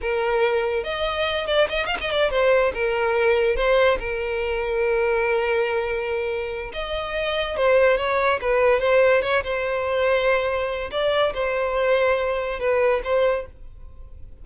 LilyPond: \new Staff \with { instrumentName = "violin" } { \time 4/4 \tempo 4 = 143 ais'2 dis''4. d''8 | dis''8 f''16 dis''16 d''8 c''4 ais'4.~ | ais'8 c''4 ais'2~ ais'8~ | ais'1 |
dis''2 c''4 cis''4 | b'4 c''4 cis''8 c''4.~ | c''2 d''4 c''4~ | c''2 b'4 c''4 | }